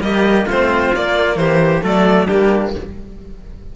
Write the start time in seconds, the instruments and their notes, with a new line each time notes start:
0.00 cello G3 A#3, trumpet G4, violin D#5
0.46 cello A3 C4, trumpet F4, violin C5
0.94 cello A#3, violin D5
1.35 cello E3, trumpet G4, violin C5
1.82 cello F#3 A3, trumpet A4, violin D5
2.27 cello G3 A#3, trumpet D4, violin G4